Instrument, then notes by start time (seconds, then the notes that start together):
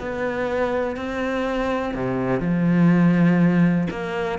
cello
0.00 B3
0.97 C4
1.95 C3
2.40 F3
3.91 A#3